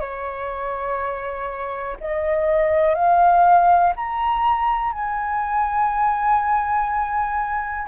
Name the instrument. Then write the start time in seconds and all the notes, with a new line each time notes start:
flute
0.00 C#5
2.00 D#5
2.95 F5
3.96 A#5
4.92 G#5